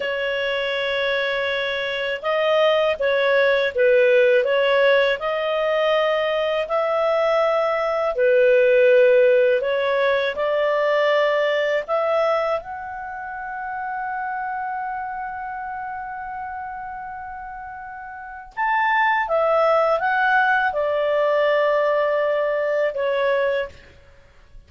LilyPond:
\new Staff \with { instrumentName = "clarinet" } { \time 4/4 \tempo 4 = 81 cis''2. dis''4 | cis''4 b'4 cis''4 dis''4~ | dis''4 e''2 b'4~ | b'4 cis''4 d''2 |
e''4 fis''2.~ | fis''1~ | fis''4 a''4 e''4 fis''4 | d''2. cis''4 | }